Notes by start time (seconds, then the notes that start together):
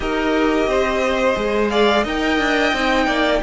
0.00 D#4 G4 A#4 D#5
0.66 C4 C5
1.35 G#3 G#4
1.69 D5 F5
2.03 D#4 A#4 D#5 G5
2.38 D4
2.72 C4 D#4
3.06 A#3 D5